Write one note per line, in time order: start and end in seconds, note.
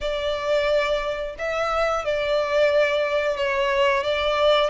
0.00 1.35 D5
1.38 2.04 E5
2.04 3.36 D5
3.36 4.03 C#5
4.03 4.69 D5